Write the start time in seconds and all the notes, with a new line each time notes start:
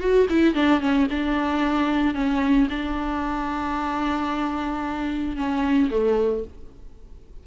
0.00 F#4
0.30 E4
0.55 D4
0.80 C#4
1.11 D4
2.15 C#4
2.70 D4
5.36 C#4
5.91 A3